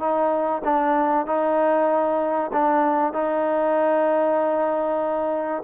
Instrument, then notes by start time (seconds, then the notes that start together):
trombone
0.00 D#4
0.64 D4
1.26 D#4
2.53 D4
3.13 D#4